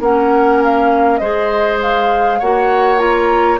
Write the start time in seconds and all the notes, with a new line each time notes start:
0.00 A#3 C#4 A#4 F#5
0.64 F5
1.18 G#3 G#4 C5 D#5
1.81 F5
2.39 A#3 F#4 C#5 F#5
2.98 F4 A#5